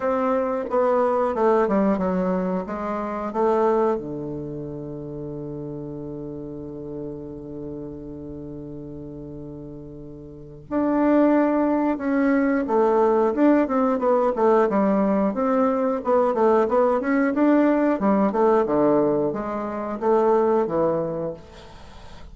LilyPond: \new Staff \with { instrumentName = "bassoon" } { \time 4/4 \tempo 4 = 90 c'4 b4 a8 g8 fis4 | gis4 a4 d2~ | d1~ | d1 |
d'2 cis'4 a4 | d'8 c'8 b8 a8 g4 c'4 | b8 a8 b8 cis'8 d'4 g8 a8 | d4 gis4 a4 e4 | }